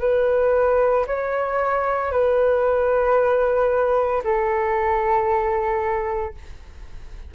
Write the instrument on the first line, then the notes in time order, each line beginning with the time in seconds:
flute
0.00 B4
1.07 C#5
2.11 B4
4.23 A4